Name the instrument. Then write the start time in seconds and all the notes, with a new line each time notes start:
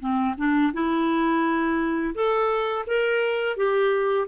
clarinet
0.00 C4
0.38 D4
0.73 E4
2.15 A4
2.87 A#4
3.57 G4